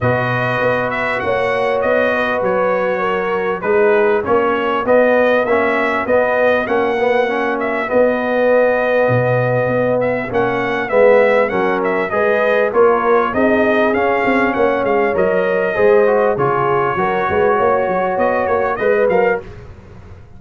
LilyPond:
<<
  \new Staff \with { instrumentName = "trumpet" } { \time 4/4 \tempo 4 = 99 dis''4. e''8 fis''4 dis''4 | cis''2 b'4 cis''4 | dis''4 e''4 dis''4 fis''4~ | fis''8 e''8 dis''2.~ |
dis''8 e''8 fis''4 e''4 fis''8 e''8 | dis''4 cis''4 dis''4 f''4 | fis''8 f''8 dis''2 cis''4~ | cis''2 dis''8 cis''8 dis''8 f''8 | }
  \new Staff \with { instrumentName = "horn" } { \time 4/4 b'2 cis''4. b'8~ | b'4 ais'4 gis'4 fis'4~ | fis'1~ | fis'1~ |
fis'2 b'4 ais'4 | b'4 ais'4 gis'2 | cis''2 c''4 gis'4 | ais'8 b'8 cis''2 b'4 | }
  \new Staff \with { instrumentName = "trombone" } { \time 4/4 fis'1~ | fis'2 dis'4 cis'4 | b4 cis'4 b4 cis'8 b8 | cis'4 b2.~ |
b4 cis'4 b4 cis'4 | gis'4 f'4 dis'4 cis'4~ | cis'4 ais'4 gis'8 fis'8 f'4 | fis'2. b'8 ais'8 | }
  \new Staff \with { instrumentName = "tuba" } { \time 4/4 b,4 b4 ais4 b4 | fis2 gis4 ais4 | b4 ais4 b4 ais4~ | ais4 b2 b,4 |
b4 ais4 gis4 fis4 | gis4 ais4 c'4 cis'8 c'8 | ais8 gis8 fis4 gis4 cis4 | fis8 gis8 ais8 fis8 b8 ais8 gis8 fis8 | }
>>